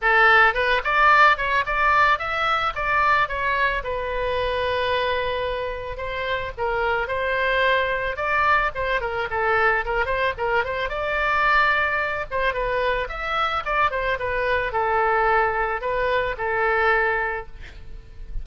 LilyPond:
\new Staff \with { instrumentName = "oboe" } { \time 4/4 \tempo 4 = 110 a'4 b'8 d''4 cis''8 d''4 | e''4 d''4 cis''4 b'4~ | b'2. c''4 | ais'4 c''2 d''4 |
c''8 ais'8 a'4 ais'8 c''8 ais'8 c''8 | d''2~ d''8 c''8 b'4 | e''4 d''8 c''8 b'4 a'4~ | a'4 b'4 a'2 | }